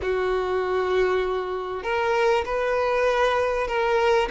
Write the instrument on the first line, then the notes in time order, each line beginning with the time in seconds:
violin
0.02 F#4
1.83 A#4
2.45 B4
3.67 A#4